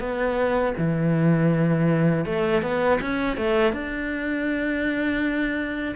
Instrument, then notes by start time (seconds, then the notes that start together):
cello
0.00 B3
0.78 E3
2.26 A3
2.63 B3
3.01 C#4
3.37 A3
3.73 D4